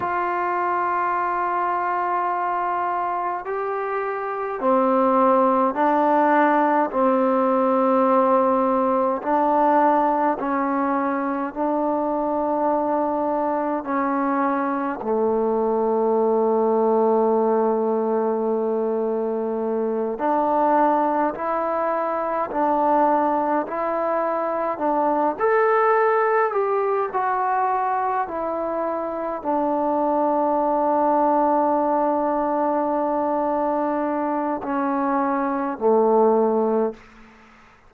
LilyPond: \new Staff \with { instrumentName = "trombone" } { \time 4/4 \tempo 4 = 52 f'2. g'4 | c'4 d'4 c'2 | d'4 cis'4 d'2 | cis'4 a2.~ |
a4. d'4 e'4 d'8~ | d'8 e'4 d'8 a'4 g'8 fis'8~ | fis'8 e'4 d'2~ d'8~ | d'2 cis'4 a4 | }